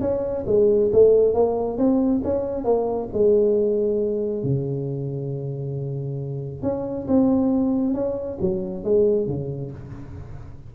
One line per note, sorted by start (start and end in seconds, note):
0.00 0.44 C#4
0.46 0.90 G#3
0.92 1.34 A3
1.34 1.77 A#3
1.77 2.21 C4
2.24 2.64 C#4
2.64 3.08 A#3
3.13 4.43 G#3
4.43 6.62 C#3
6.62 7.06 C#4
7.07 7.94 C4
7.94 8.38 C#4
8.40 8.84 F#3
8.84 9.27 G#3
9.27 9.71 C#3